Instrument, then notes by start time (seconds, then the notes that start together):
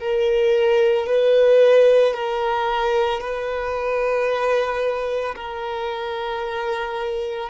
violin
0.00 A#4
1.07 B4
2.14 A#4
3.21 B4
5.36 A#4